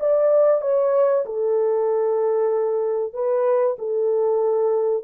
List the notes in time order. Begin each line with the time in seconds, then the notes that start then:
0.00 D5
0.62 C#5
1.26 A4
3.14 B4
3.79 A4